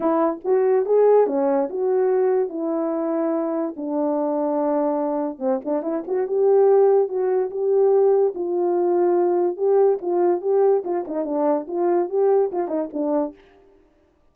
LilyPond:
\new Staff \with { instrumentName = "horn" } { \time 4/4 \tempo 4 = 144 e'4 fis'4 gis'4 cis'4 | fis'2 e'2~ | e'4 d'2.~ | d'4 c'8 d'8 e'8 fis'8 g'4~ |
g'4 fis'4 g'2 | f'2. g'4 | f'4 g'4 f'8 dis'8 d'4 | f'4 g'4 f'8 dis'8 d'4 | }